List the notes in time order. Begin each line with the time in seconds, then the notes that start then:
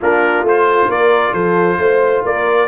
0.00 A#3 D4 F4 A#4
0.42 A3 F4 C5
0.87 A#3 A#4 D5
1.33 F3 A4 C5
1.78 A3 C5
2.23 A#3 A#4 D5